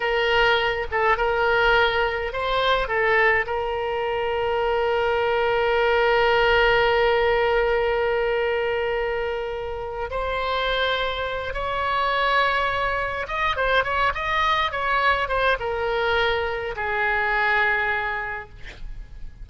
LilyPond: \new Staff \with { instrumentName = "oboe" } { \time 4/4 \tempo 4 = 104 ais'4. a'8 ais'2 | c''4 a'4 ais'2~ | ais'1~ | ais'1~ |
ais'4. c''2~ c''8 | cis''2. dis''8 c''8 | cis''8 dis''4 cis''4 c''8 ais'4~ | ais'4 gis'2. | }